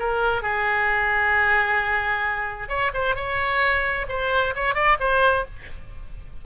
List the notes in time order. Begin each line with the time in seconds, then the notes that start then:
0.00 A#4
0.43 G#4
2.69 C#5
2.94 C5
3.16 C#5
4.09 C5
4.56 C#5
4.75 D5
5.00 C5